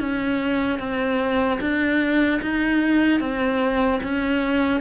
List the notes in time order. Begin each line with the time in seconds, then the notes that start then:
0.00 C#4
0.79 C4
1.61 D4
2.42 D#4
3.20 C4
4.03 C#4